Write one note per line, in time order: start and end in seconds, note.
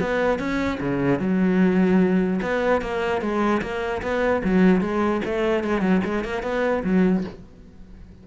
0.00 0.39 B3
0.39 0.79 C#4
0.80 1.19 C#3
1.19 2.40 F#3
2.42 2.81 B3
2.81 3.21 A#3
3.21 3.61 G#3
3.61 4.02 A#3
4.02 4.42 B3
4.44 4.81 F#3
4.81 5.21 G#3
5.25 5.64 A3
5.64 5.81 G#3
5.81 6.01 F#3
6.05 6.24 G#3
6.24 6.42 A#3
6.42 6.83 B3
6.84 7.24 F#3